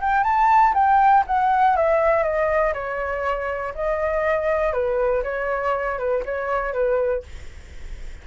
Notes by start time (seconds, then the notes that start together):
0.00 G5
0.23 A5
0.74 G5
1.27 F#5
1.76 E5
2.23 D#5
2.73 C#5
3.75 D#5
4.73 B4
5.23 C#5
5.98 B4
6.25 C#5
6.73 B4